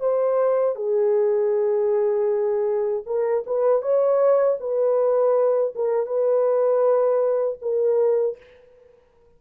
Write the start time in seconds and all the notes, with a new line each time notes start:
0.00 C5
0.76 G#4
3.06 A#4
3.47 B4
3.82 C#5
4.60 B4
5.75 A#4
6.07 B4
7.62 A#4